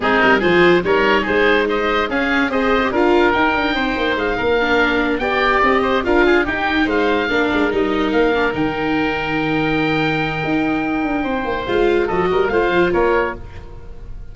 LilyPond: <<
  \new Staff \with { instrumentName = "oboe" } { \time 4/4 \tempo 4 = 144 gis'8 ais'8 c''4 cis''4 c''4 | dis''4 f''4 dis''4 f''4 | g''2 f''2~ | f''8 g''4 dis''4 f''4 g''8~ |
g''8 f''2 dis''4 f''8~ | f''8 g''2.~ g''8~ | g''1 | f''4 dis''4 f''4 cis''4 | }
  \new Staff \with { instrumentName = "oboe" } { \time 4/4 dis'4 gis'4 ais'4 gis'4 | c''4 gis'4 c''4 ais'4~ | ais'4 c''4. ais'4.~ | ais'8 d''4. c''8 ais'8 gis'8 g'8~ |
g'8 c''4 ais'2~ ais'8~ | ais'1~ | ais'2. c''4~ | c''4 a'8 ais'8 c''4 ais'4 | }
  \new Staff \with { instrumentName = "viola" } { \time 4/4 c'4 f'4 dis'2~ | dis'4 cis'4 gis'8. g'16 f'4 | dis'2. d'4~ | d'8 g'2 f'4 dis'8~ |
dis'4. d'4 dis'4. | d'8 dis'2.~ dis'8~ | dis'1 | f'4 fis'4 f'2 | }
  \new Staff \with { instrumentName = "tuba" } { \time 4/4 gis8 g8 f4 g4 gis4~ | gis4 cis'4 c'4 d'4 | dis'8 d'8 c'8 ais8 gis8 ais4.~ | ais8 b4 c'4 d'4 dis'8~ |
dis'8 gis4 ais8 gis8 g4 ais8~ | ais8 dis2.~ dis8~ | dis4 dis'4. d'8 c'8 ais8 | gis4 f8 g8 a8 f8 ais4 | }
>>